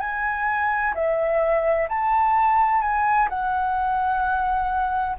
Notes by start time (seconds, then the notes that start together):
0.00 G#5
0.94 E5
1.89 A5
2.82 G#5
3.29 F#5